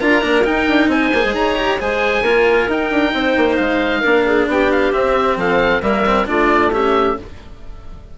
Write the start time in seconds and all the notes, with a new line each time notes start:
0.00 D4 F4 A#4 A#5
0.22 A#3 D4
0.45 D#4 G5
0.69 D4
0.88 C4 C5 G#5
1.14 A#3 G#4
1.25 G#3
1.34 D#4 C#5 A#5
1.56 G4
1.80 G#3 G#4 C5 G#5
2.23 A#3 F4 A#4
2.68 D#4 G5
2.91 D4
3.14 C4 C5
3.37 A#3
3.57 G#3 F5
4.01 A#3 D4 A#4
4.26 G#4
4.48 B3 G4 G5
4.72 F5
4.93 C4 E5
5.37 F3 A4 F5
5.82 G3 A#3 A#4 E5
6.06 C4
6.26 A3 D4 F4 D5
6.72 C#4 G4 E5